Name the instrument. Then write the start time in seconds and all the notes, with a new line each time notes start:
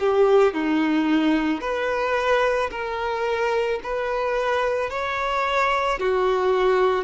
violin
0.00 G4
0.54 D#4
1.61 B4
2.71 A#4
3.84 B4
4.90 C#5
6.00 F#4